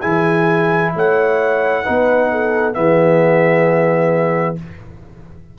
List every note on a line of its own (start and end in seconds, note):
0.00 0.95 E3
0.00 1.84 E4
0.00 0.91 G#4
0.00 0.92 G#5
0.95 1.86 A3
0.95 1.84 C#5
0.95 2.74 F#5
1.84 2.77 B3
1.84 2.74 D#4
1.84 2.29 B4
2.31 2.77 A4
2.74 4.58 E3
2.74 4.55 B3
2.74 4.59 G#4
2.74 4.56 E5